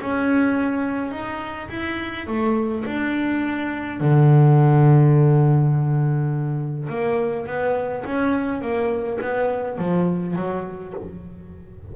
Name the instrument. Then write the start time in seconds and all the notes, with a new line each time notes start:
double bass
0.00 C#4
1.11 D#4
1.69 E4
2.27 A3
2.85 D4
4.00 D3
6.89 A#3
7.46 B3
8.05 C#4
8.61 A#3
9.21 B3
9.78 F3
10.36 F#3